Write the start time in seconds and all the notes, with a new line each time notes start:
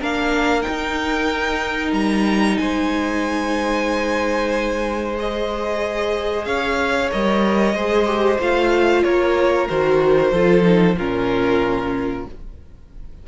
0.00 A#3 D4 A#4 F5
0.62 D#4 G5
0.68 D#4
1.92 G3 A#5
2.58 G#3 C5 G#5
5.17 G#4 D#5
6.45 C#4 C#5 F5
7.10 G3 A#4 D#5
7.74 G#3 G#4 C5
8.06 G4
8.39 A3 F4 F5
9.03 A#3 A#4 C#5
9.69 D#3 F#4 C5
10.31 F3 F4 A4
10.62 D#4
10.97 A#2 C#4 F4 A#4